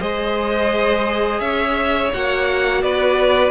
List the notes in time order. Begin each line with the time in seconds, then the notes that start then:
0.00 G#3 G#4 C5 D#5
1.40 C#4 C#5 E5
2.14 A#3 F#4 F#5
2.82 B3 B4 D5